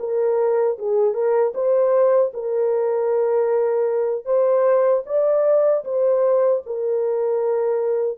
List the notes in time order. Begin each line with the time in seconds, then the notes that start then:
0.00 A#4
0.79 G#4
1.14 A#4
1.55 C5
2.34 A#4
4.26 C5
5.06 D5
5.85 C5
6.66 A#4